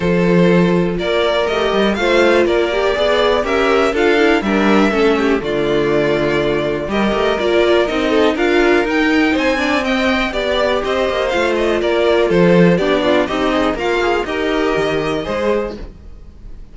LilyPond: <<
  \new Staff \with { instrumentName = "violin" } { \time 4/4 \tempo 4 = 122 c''2 d''4 dis''4 | f''4 d''2 e''4 | f''4 e''2 d''4~ | d''2 dis''4 d''4 |
dis''4 f''4 g''4 gis''4 | g''4 d''4 dis''4 f''8 dis''8 | d''4 c''4 d''4 dis''4 | f''4 dis''2. | }
  \new Staff \with { instrumentName = "violin" } { \time 4/4 a'2 ais'2 | c''4 ais'4 d''4 ais'4 | a'4 ais'4 a'8 g'8 f'4~ | f'2 ais'2~ |
ais'8 a'8 ais'2 c''8 d''8 | dis''4 d''4 c''2 | ais'4 a'4 g'8 f'8 dis'4 | f'4 ais'2 c''4 | }
  \new Staff \with { instrumentName = "viola" } { \time 4/4 f'2. g'4 | f'4. g'8 gis'4 g'4 | f'8 e'8 d'4 cis'4 a4~ | a2 g'4 f'4 |
dis'4 f'4 dis'4. d'8 | c'4 g'2 f'4~ | f'2 d'4 g'8 gis'8 | ais'8 gis'8 g'2 gis'4 | }
  \new Staff \with { instrumentName = "cello" } { \time 4/4 f2 ais4 a8 g8 | a4 ais4 b4 cis'4 | d'4 g4 a4 d4~ | d2 g8 a8 ais4 |
c'4 d'4 dis'4 c'4~ | c'4 b4 c'8 ais8 a4 | ais4 f4 b4 c'4 | ais4 dis'4 dis4 gis4 | }
>>